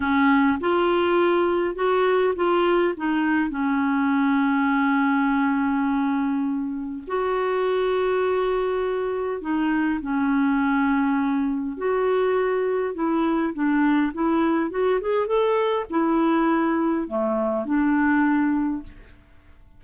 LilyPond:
\new Staff \with { instrumentName = "clarinet" } { \time 4/4 \tempo 4 = 102 cis'4 f'2 fis'4 | f'4 dis'4 cis'2~ | cis'1 | fis'1 |
dis'4 cis'2. | fis'2 e'4 d'4 | e'4 fis'8 gis'8 a'4 e'4~ | e'4 a4 d'2 | }